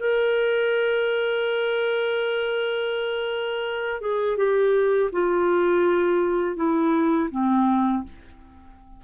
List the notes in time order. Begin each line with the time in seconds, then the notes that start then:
0.00 A#4
4.01 G#4
4.37 G4
5.13 F4
6.57 E4
7.31 C4